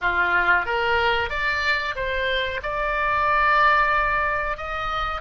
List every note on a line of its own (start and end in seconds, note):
0.01 0.65 F4
0.65 1.29 A#4
1.29 1.94 D5
1.95 2.60 C5
2.63 4.57 D5
4.57 5.21 D#5